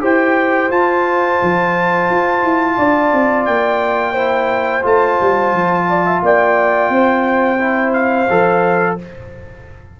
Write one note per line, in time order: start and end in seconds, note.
0.00 0.70 E4
0.00 0.69 G4
0.00 2.77 C5
0.00 0.71 G5
0.70 4.14 F4
0.70 1.39 F4
0.70 3.45 A5
1.42 2.09 F3
2.09 2.43 F4
2.43 2.77 E4
2.77 3.12 D4
2.77 4.12 D5
3.12 3.47 C4
3.45 4.84 A#3
3.45 4.83 G5
4.12 4.82 E4
4.12 5.84 C5
4.82 5.19 A3
4.82 7.58 F4
4.82 6.23 A5
5.20 5.52 G3
5.52 6.21 F3
5.89 6.06 D5
6.06 6.23 E5
6.22 6.89 A#3
6.22 6.93 D5
6.22 7.93 G5
6.89 8.27 C4
6.89 9.00 C5
7.59 8.28 E4
7.93 8.96 F5
8.29 8.99 F3
8.29 8.98 A4